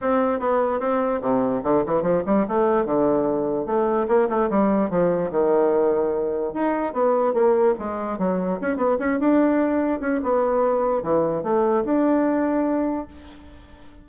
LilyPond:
\new Staff \with { instrumentName = "bassoon" } { \time 4/4 \tempo 4 = 147 c'4 b4 c'4 c4 | d8 e8 f8 g8 a4 d4~ | d4 a4 ais8 a8 g4 | f4 dis2. |
dis'4 b4 ais4 gis4 | fis4 cis'8 b8 cis'8 d'4.~ | d'8 cis'8 b2 e4 | a4 d'2. | }